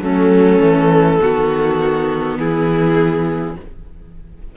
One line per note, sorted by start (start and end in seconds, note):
0.00 0.59 F#3
0.00 1.19 A3
0.00 1.20 C#4
0.00 2.37 A4
0.61 1.19 E3
1.20 2.38 D#3
1.20 3.55 B3
1.20 2.38 F#4
2.37 3.56 E3
2.37 3.56 E4
2.37 3.55 G#4